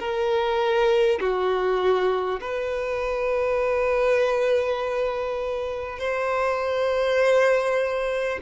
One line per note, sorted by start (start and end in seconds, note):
0.00 1.20 A#4
1.20 2.40 F#4
2.41 5.99 B4
5.99 8.39 C5